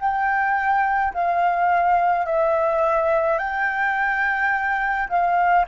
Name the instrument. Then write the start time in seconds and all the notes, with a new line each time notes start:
flute
0.00 G5
1.14 F5
2.26 E5
3.39 G5
5.09 F5